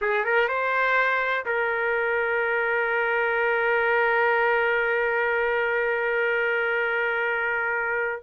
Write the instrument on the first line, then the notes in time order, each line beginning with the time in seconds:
trumpet
0.01 G#4
0.24 A#4
0.48 C5
1.45 A#4